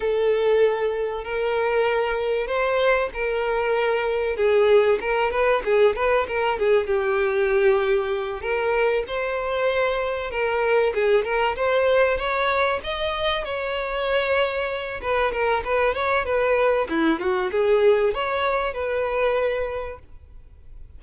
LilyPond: \new Staff \with { instrumentName = "violin" } { \time 4/4 \tempo 4 = 96 a'2 ais'2 | c''4 ais'2 gis'4 | ais'8 b'8 gis'8 b'8 ais'8 gis'8 g'4~ | g'4. ais'4 c''4.~ |
c''8 ais'4 gis'8 ais'8 c''4 cis''8~ | cis''8 dis''4 cis''2~ cis''8 | b'8 ais'8 b'8 cis''8 b'4 e'8 fis'8 | gis'4 cis''4 b'2 | }